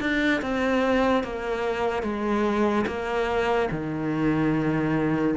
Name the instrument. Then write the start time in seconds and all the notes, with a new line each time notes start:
cello
0.00 D4
0.42 C4
1.24 A#3
2.03 G#3
2.87 A#3
3.71 D#3